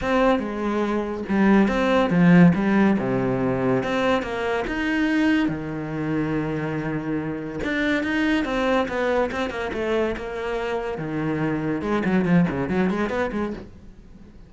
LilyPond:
\new Staff \with { instrumentName = "cello" } { \time 4/4 \tempo 4 = 142 c'4 gis2 g4 | c'4 f4 g4 c4~ | c4 c'4 ais4 dis'4~ | dis'4 dis2.~ |
dis2 d'4 dis'4 | c'4 b4 c'8 ais8 a4 | ais2 dis2 | gis8 fis8 f8 cis8 fis8 gis8 b8 gis8 | }